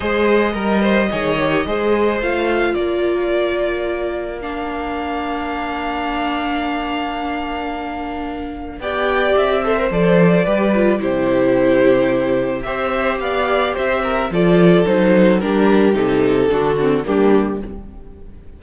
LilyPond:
<<
  \new Staff \with { instrumentName = "violin" } { \time 4/4 \tempo 4 = 109 dis''1 | f''4 d''2. | f''1~ | f''1 |
g''4 e''4 d''2 | c''2. e''4 | f''4 e''4 d''4 c''4 | ais'4 a'2 g'4 | }
  \new Staff \with { instrumentName = "violin" } { \time 4/4 c''4 ais'8 c''8 cis''4 c''4~ | c''4 ais'2.~ | ais'1~ | ais'1 |
d''4. c''4. b'4 | g'2. c''4 | d''4 c''8 ais'8 a'2 | g'2 fis'4 d'4 | }
  \new Staff \with { instrumentName = "viola" } { \time 4/4 gis'4 ais'4 gis'8 g'8 gis'4 | f'1 | d'1~ | d'1 |
g'4. a'16 ais'16 a'4 g'8 f'8 | e'2. g'4~ | g'2 f'4 dis'4 | d'4 dis'4 d'8 c'8 ais4 | }
  \new Staff \with { instrumentName = "cello" } { \time 4/4 gis4 g4 dis4 gis4 | a4 ais2.~ | ais1~ | ais1 |
b4 c'4 f4 g4 | c2. c'4 | b4 c'4 f4 fis4 | g4 c4 d4 g4 | }
>>